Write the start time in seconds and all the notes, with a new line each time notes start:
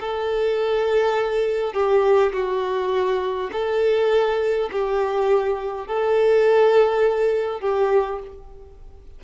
0.00 A4
1.73 G4
2.33 F#4
3.52 A4
4.72 G4
5.87 A4
7.60 G4